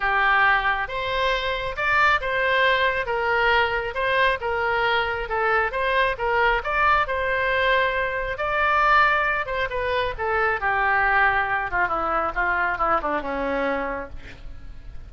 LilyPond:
\new Staff \with { instrumentName = "oboe" } { \time 4/4 \tempo 4 = 136 g'2 c''2 | d''4 c''2 ais'4~ | ais'4 c''4 ais'2 | a'4 c''4 ais'4 d''4 |
c''2. d''4~ | d''4. c''8 b'4 a'4 | g'2~ g'8 f'8 e'4 | f'4 e'8 d'8 cis'2 | }